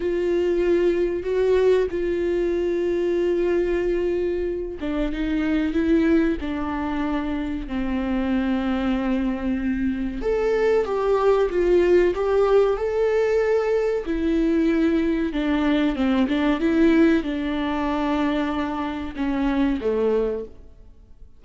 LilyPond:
\new Staff \with { instrumentName = "viola" } { \time 4/4 \tempo 4 = 94 f'2 fis'4 f'4~ | f'2.~ f'8 d'8 | dis'4 e'4 d'2 | c'1 |
a'4 g'4 f'4 g'4 | a'2 e'2 | d'4 c'8 d'8 e'4 d'4~ | d'2 cis'4 a4 | }